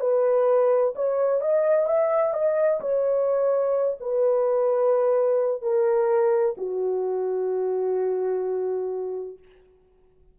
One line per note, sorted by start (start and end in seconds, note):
0.00 0.94 B4
0.95 1.41 C#5
1.41 1.87 D#5
1.87 2.34 E5
2.34 2.80 D#5
2.81 3.98 C#5
4.00 5.62 B4
5.62 6.55 A#4
6.58 9.39 F#4